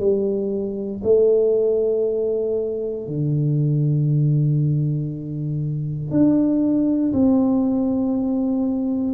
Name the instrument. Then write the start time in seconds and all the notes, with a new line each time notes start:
tuba
0.00 G3
1.04 A3
3.07 D3
6.11 D4
7.13 C4